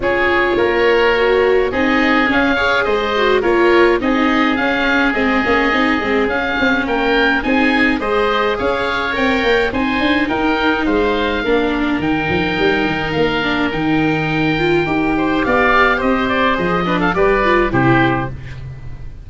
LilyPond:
<<
  \new Staff \with { instrumentName = "oboe" } { \time 4/4 \tempo 4 = 105 cis''2. dis''4 | f''4 dis''4 cis''4 dis''4 | f''4 dis''2 f''4 | g''4 gis''4 dis''4 f''4 |
g''4 gis''4 g''4 f''4~ | f''4 g''2 f''4 | g''2. f''4 | dis''8 d''8 dis''8. f''16 d''4 c''4 | }
  \new Staff \with { instrumentName = "oboe" } { \time 4/4 gis'4 ais'2 gis'4~ | gis'8 cis''8 c''4 ais'4 gis'4~ | gis'1 | ais'4 gis'4 c''4 cis''4~ |
cis''4 c''4 ais'4 c''4 | ais'1~ | ais'2~ ais'8 c''8 d''4 | c''4. b'16 a'16 b'4 g'4 | }
  \new Staff \with { instrumentName = "viola" } { \time 4/4 f'2 fis'4 dis'4 | cis'8 gis'4 fis'8 f'4 dis'4 | cis'4 c'8 cis'8 dis'8 c'8 cis'4~ | cis'4 dis'4 gis'2 |
ais'4 dis'2. | d'4 dis'2~ dis'8 d'8 | dis'4. f'8 g'2~ | g'4 gis'8 d'8 g'8 f'8 e'4 | }
  \new Staff \with { instrumentName = "tuba" } { \time 4/4 cis'4 ais2 c'4 | cis'4 gis4 ais4 c'4 | cis'4 gis8 ais8 c'8 gis8 cis'8 c'8 | ais4 c'4 gis4 cis'4 |
c'8 ais8 c'8 d'8 dis'4 gis4 | ais4 dis8 f8 g8 dis8 ais4 | dis2 dis'4 b4 | c'4 f4 g4 c4 | }
>>